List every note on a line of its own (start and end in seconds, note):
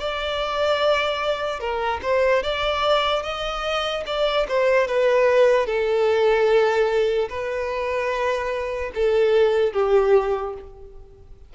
0.00 1.60 D5
1.60 2.00 A#4
2.02 2.43 C5
2.43 3.23 D5
3.23 4.04 D#5
4.06 4.47 D5
4.48 4.88 C5
4.88 5.66 B4
5.66 7.29 A4
7.29 8.92 B4
8.95 9.73 A4
9.73 10.54 G4